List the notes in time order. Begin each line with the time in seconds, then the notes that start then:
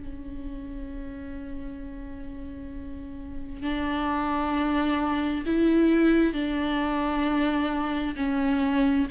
0.00 C#4
3.62 D4
5.46 E4
6.33 D4
8.16 C#4